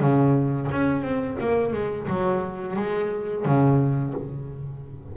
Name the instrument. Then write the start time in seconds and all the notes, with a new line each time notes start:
double bass
0.00 C#3
0.71 C#4
1.02 C4
1.40 A#3
1.73 G#3
2.08 F#3
2.76 G#3
3.45 C#3